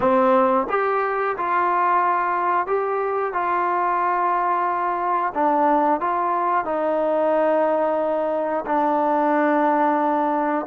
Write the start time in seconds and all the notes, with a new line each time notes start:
0.00 C4
0.69 G4
1.37 F4
2.67 G4
3.33 F4
5.34 D4
6.00 F4
6.65 D#4
8.66 D4